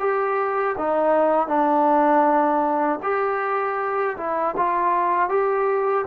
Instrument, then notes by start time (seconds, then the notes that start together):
trombone
0.00 G4
0.78 D#4
1.48 D4
3.03 G4
4.18 E4
4.57 F4
5.30 G4